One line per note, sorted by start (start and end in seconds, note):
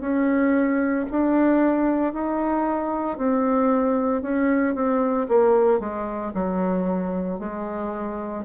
0.00 1.05 C#4
1.11 2.13 D4
2.13 3.18 D#4
3.18 4.22 C4
4.22 4.75 C#4
4.75 5.27 C4
5.29 5.79 A#3
5.79 6.32 G#3
6.34 7.39 F#3
7.39 8.44 G#3